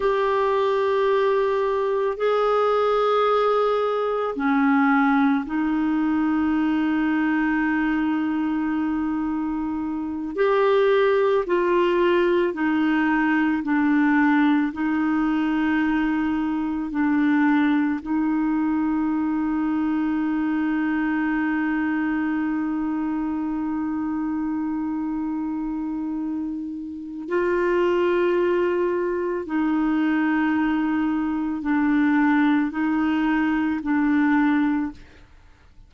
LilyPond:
\new Staff \with { instrumentName = "clarinet" } { \time 4/4 \tempo 4 = 55 g'2 gis'2 | cis'4 dis'2.~ | dis'4. g'4 f'4 dis'8~ | dis'8 d'4 dis'2 d'8~ |
d'8 dis'2.~ dis'8~ | dis'1~ | dis'4 f'2 dis'4~ | dis'4 d'4 dis'4 d'4 | }